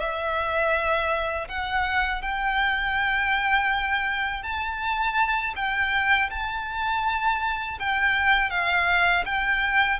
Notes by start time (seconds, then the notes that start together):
0.00 E5
1.48 F#5
2.22 G5
4.43 A5
5.56 G5
6.30 A5
7.80 G5
8.50 F5
9.26 G5